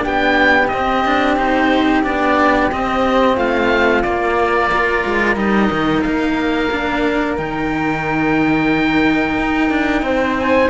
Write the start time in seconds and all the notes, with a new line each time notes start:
0.00 B3 D4 G4
0.07 G5
0.68 C4 D#5
1.06 D4
1.37 D#4 C5
2.04 B3 D4 D5
2.72 C4 D#5
3.36 A3 F4 F5
4.03 A#3 D5
4.71 F4 A#4
5.06 G#3
5.36 G3 D#4 D#5
5.71 D#3
6.02 A#3 F5
6.71 D4
7.38 D#3 D#4 G5
9.39 D#4
9.70 D4
10.03 C4 C5
10.39 G#5